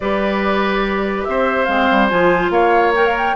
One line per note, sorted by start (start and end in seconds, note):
0.00 1.26 G3
0.00 1.68 G4
0.00 1.27 B4
0.00 1.24 D5
1.24 1.67 C4
1.24 2.52 C5
1.24 1.65 E5
1.65 1.88 G#3
1.65 2.10 C4
1.65 2.06 F5
1.90 2.11 G3
2.08 2.50 F3
2.08 2.94 F4
2.08 2.50 G#5
2.50 3.34 A#3
2.50 3.35 C#5
2.50 2.93 F5
2.95 3.35 A#4
2.95 3.06 G5
3.06 3.16 F5
3.17 3.35 G5